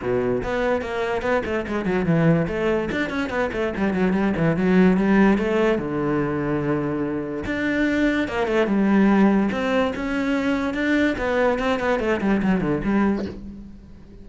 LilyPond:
\new Staff \with { instrumentName = "cello" } { \time 4/4 \tempo 4 = 145 b,4 b4 ais4 b8 a8 | gis8 fis8 e4 a4 d'8 cis'8 | b8 a8 g8 fis8 g8 e8 fis4 | g4 a4 d2~ |
d2 d'2 | ais8 a8 g2 c'4 | cis'2 d'4 b4 | c'8 b8 a8 g8 fis8 d8 g4 | }